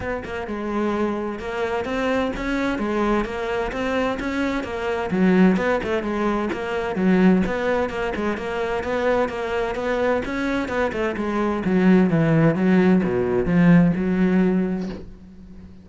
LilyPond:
\new Staff \with { instrumentName = "cello" } { \time 4/4 \tempo 4 = 129 b8 ais8 gis2 ais4 | c'4 cis'4 gis4 ais4 | c'4 cis'4 ais4 fis4 | b8 a8 gis4 ais4 fis4 |
b4 ais8 gis8 ais4 b4 | ais4 b4 cis'4 b8 a8 | gis4 fis4 e4 fis4 | b,4 f4 fis2 | }